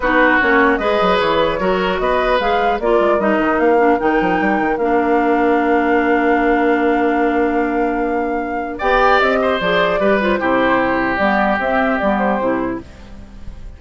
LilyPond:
<<
  \new Staff \with { instrumentName = "flute" } { \time 4/4 \tempo 4 = 150 b'4 cis''4 dis''4 cis''4~ | cis''4 dis''4 f''4 d''4 | dis''4 f''4 g''2 | f''1~ |
f''1~ | f''2 g''4 dis''4 | d''4. c''2~ c''8 | d''4 e''4 d''8 c''4. | }
  \new Staff \with { instrumentName = "oboe" } { \time 4/4 fis'2 b'2 | ais'4 b'2 ais'4~ | ais'1~ | ais'1~ |
ais'1~ | ais'2 d''4. c''8~ | c''4 b'4 g'2~ | g'1 | }
  \new Staff \with { instrumentName = "clarinet" } { \time 4/4 dis'4 cis'4 gis'2 | fis'2 gis'4 f'4 | dis'4. d'8 dis'2 | d'1~ |
d'1~ | d'2 g'2 | gis'4 g'8 f'8 e'2 | b4 c'4 b4 e'4 | }
  \new Staff \with { instrumentName = "bassoon" } { \time 4/4 b4 ais4 gis8 fis8 e4 | fis4 b4 gis4 ais8 gis8 | g8 dis8 ais4 dis8 f8 g8 dis8 | ais1~ |
ais1~ | ais2 b4 c'4 | f4 g4 c2 | g4 c'4 g4 c4 | }
>>